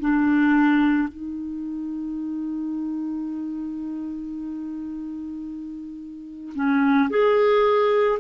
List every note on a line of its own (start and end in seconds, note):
0.00 1.08 D4
1.08 6.54 D#4
6.55 7.09 C#4
7.10 8.19 G#4